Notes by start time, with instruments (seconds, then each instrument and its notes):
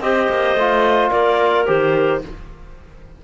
0.00 cello C4, trombone G4, clarinet C5 D#5
0.29 cello A#3
0.55 cello A3, trombone F4
1.10 cello A#3, clarinet A#4 D5
1.66 cello D#3, trombone G4, clarinet C5